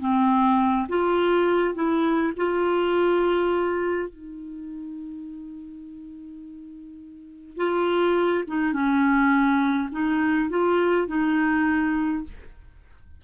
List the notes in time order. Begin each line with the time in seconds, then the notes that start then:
0.00 C4
0.88 F4
1.75 E4
2.36 F4
4.09 D#4
7.57 F4
8.48 D#4
8.73 C#4
9.92 D#4
10.50 F4
11.07 D#4